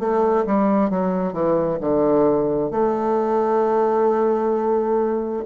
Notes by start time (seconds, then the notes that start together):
0.00 A3
0.47 G3
0.90 F#3
1.33 E3
1.81 D3
2.71 A3